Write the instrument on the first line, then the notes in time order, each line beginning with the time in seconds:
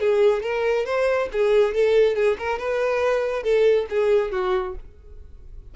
violin
0.00 G#4
0.43 A#4
0.85 C5
1.32 G#4
1.74 A4
2.16 G#4
2.38 A#4
2.59 B4
3.43 A4
3.89 G#4
4.31 F#4